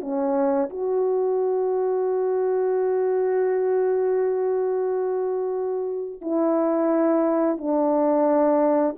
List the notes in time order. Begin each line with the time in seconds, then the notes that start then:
0.00 C#4
0.69 F#4
6.21 E4
7.57 D4